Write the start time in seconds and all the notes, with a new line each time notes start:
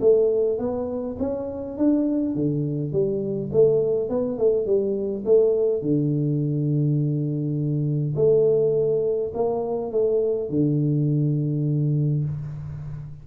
0.00 A3
0.58 B3
1.19 C#4
1.78 D4
2.35 D3
2.92 G3
3.52 A3
4.09 B3
4.38 A3
4.66 G3
5.25 A3
5.81 D3
8.16 A3
9.34 A#3
9.91 A3
10.50 D3